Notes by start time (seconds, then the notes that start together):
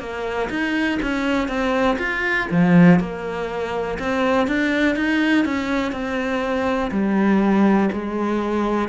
0.00 A#3
0.50 D#4
1.02 C#4
1.48 C4
1.99 F4
2.51 F3
3.00 A#3
3.99 C4
4.48 D4
4.96 D#4
5.45 C#4
5.92 C4
6.91 G3
7.93 G#3